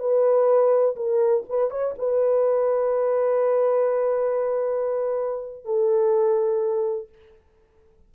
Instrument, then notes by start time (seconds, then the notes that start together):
horn
0.00 B4
0.96 A#4
1.50 B4
1.71 C#5
1.99 B4
5.65 A4